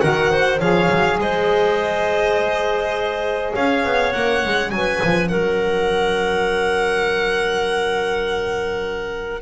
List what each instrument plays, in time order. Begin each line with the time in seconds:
0.00 double bass D#3, saxophone F#4, clarinet A#4, violin F#5
0.31 clarinet C5
0.60 double bass F3, saxophone G#4, clarinet C#5, violin F5
0.90 double bass F#3
1.19 double bass G#3, clarinet C5, violin D#5
3.54 double bass C#4, clarinet C#5, violin F5
3.85 double bass B3
4.13 double bass A#3, saxophone C#4, violin F#5
4.45 double bass G#3
4.71 double bass F#3, clarinet B4, violin G#5
5.05 double bass F3
5.29 double bass F#3, clarinet A#4, violin F#5